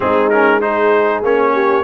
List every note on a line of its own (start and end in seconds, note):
0.00 1.22 G#3
0.00 0.31 C4
0.00 0.63 D#4
0.00 0.29 G#4
0.29 0.61 C#4
0.29 0.60 A#4
0.61 1.23 D#4
0.61 1.53 G#4
0.61 1.23 C5
1.22 1.84 A#3
1.22 1.84 C#4
1.22 1.84 C#5
1.53 1.84 G4